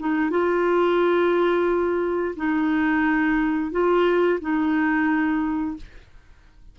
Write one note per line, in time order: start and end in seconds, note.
0.00 0.31 D#4
0.31 2.35 F4
2.37 3.72 D#4
3.72 4.40 F4
4.41 5.77 D#4